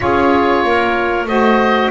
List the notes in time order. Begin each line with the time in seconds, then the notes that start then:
0.00 C#4 F4 G#4 C#5
0.63 A#3 A#4
1.24 A3 F#4 C5 D#5